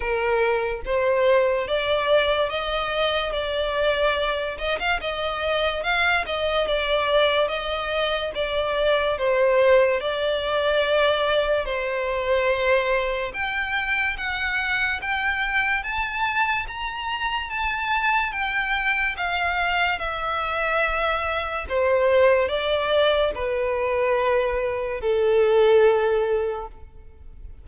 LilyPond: \new Staff \with { instrumentName = "violin" } { \time 4/4 \tempo 4 = 72 ais'4 c''4 d''4 dis''4 | d''4. dis''16 f''16 dis''4 f''8 dis''8 | d''4 dis''4 d''4 c''4 | d''2 c''2 |
g''4 fis''4 g''4 a''4 | ais''4 a''4 g''4 f''4 | e''2 c''4 d''4 | b'2 a'2 | }